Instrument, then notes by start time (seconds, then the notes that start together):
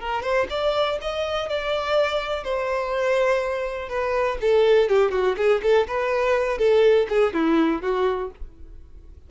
violin
0.00 A#4
0.23 C5
0.50 D5
1.01 D#5
1.49 D5
2.44 C5
3.89 B4
4.41 A4
4.89 G4
5.11 F#4
5.37 G#4
5.63 A4
5.87 B4
6.58 A4
7.09 G#4
7.33 E4
7.82 F#4